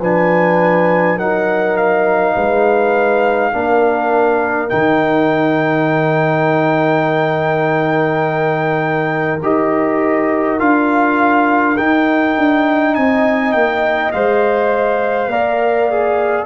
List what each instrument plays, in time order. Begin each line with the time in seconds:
0.00 tuba F3, trombone D4, horn B4, trumpet G#5
1.16 tuba F#3, trombone D#4, horn A#4, trumpet F#5
1.77 trumpet F5
2.34 tuba G#3, horn B4
3.52 tuba A#3, trombone D4, horn A#4
4.69 tuba D#3, trombone D#4, trumpet G5
9.42 tuba D#4, trombone G4, trumpet D#5
10.59 tuba D4, trombone F4, trumpet F5
11.77 tuba D#4, trombone D#4, trumpet G5
12.38 tuba D4
12.93 tuba C4, horn D#5, trumpet G#5
13.52 tuba A#3, trumpet G5
14.12 tuba G#3, trombone C5, trumpet F5
15.27 tuba A#3, trombone A#4, horn D5
15.90 trombone G#4